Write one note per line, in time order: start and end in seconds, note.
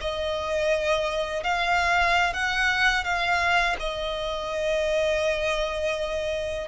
0.00 1.43 D#5
1.43 2.33 F5
2.33 3.04 F#5
3.04 3.76 F5
3.79 6.67 D#5